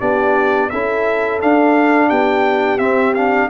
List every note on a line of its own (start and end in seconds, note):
0.00 0.71 B3
0.00 0.70 D4
0.00 0.70 G4
0.00 0.70 D5
0.70 1.42 C#4
0.70 1.41 E4
0.70 2.09 A4
0.70 1.40 E5
1.41 2.79 D4
1.41 2.11 D4
1.41 2.09 F5
2.09 2.79 B3
2.09 3.48 G4
2.09 2.79 G5
2.79 3.49 C4
2.79 3.14 C4
2.79 3.14 E5
3.15 3.50 D4
3.15 3.49 F5